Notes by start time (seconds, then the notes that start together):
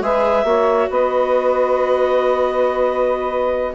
0.00 G#3 G#4 B4 E5
0.44 A#3 F#4 C#5
0.90 B3 B4 D#5